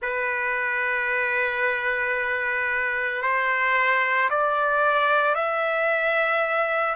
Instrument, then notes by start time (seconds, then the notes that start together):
trumpet
0.02 B4
3.21 C5
4.30 D5
5.34 E5